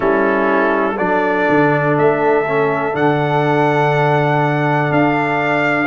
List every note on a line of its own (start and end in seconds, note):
0.00 0.98 G3
0.00 0.96 C#4
0.00 0.96 E4
0.00 0.97 A4
0.97 1.47 F#3
0.97 2.44 D4
0.97 5.87 A4
0.97 1.96 D5
1.49 1.98 D3
1.98 2.94 A3
1.98 2.95 E5
2.47 2.92 C#4
2.92 4.90 D3
2.92 5.87 D4
2.92 4.92 F#5
4.90 5.87 D4
4.90 5.87 F5